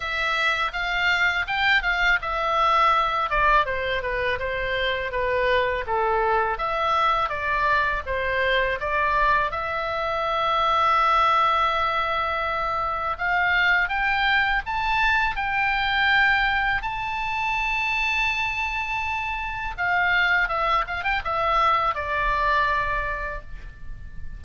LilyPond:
\new Staff \with { instrumentName = "oboe" } { \time 4/4 \tempo 4 = 82 e''4 f''4 g''8 f''8 e''4~ | e''8 d''8 c''8 b'8 c''4 b'4 | a'4 e''4 d''4 c''4 | d''4 e''2.~ |
e''2 f''4 g''4 | a''4 g''2 a''4~ | a''2. f''4 | e''8 f''16 g''16 e''4 d''2 | }